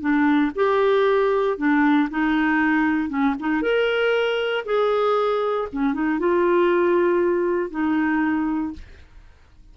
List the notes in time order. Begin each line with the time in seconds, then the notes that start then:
0.00 D4
0.55 G4
1.57 D4
2.10 D#4
3.09 C#4
3.39 D#4
3.62 A#4
4.65 G#4
5.72 C#4
5.93 D#4
6.19 F4
7.70 D#4